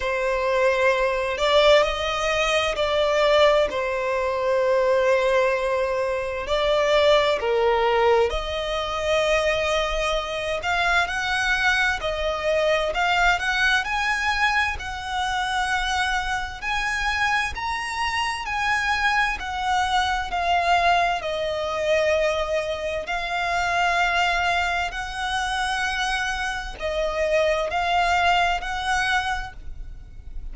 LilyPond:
\new Staff \with { instrumentName = "violin" } { \time 4/4 \tempo 4 = 65 c''4. d''8 dis''4 d''4 | c''2. d''4 | ais'4 dis''2~ dis''8 f''8 | fis''4 dis''4 f''8 fis''8 gis''4 |
fis''2 gis''4 ais''4 | gis''4 fis''4 f''4 dis''4~ | dis''4 f''2 fis''4~ | fis''4 dis''4 f''4 fis''4 | }